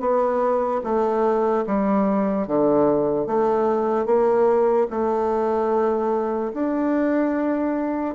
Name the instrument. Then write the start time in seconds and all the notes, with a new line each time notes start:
bassoon
0.00 B3
0.84 A3
1.67 G3
2.48 D3
3.27 A3
4.06 A#3
4.90 A3
6.54 D4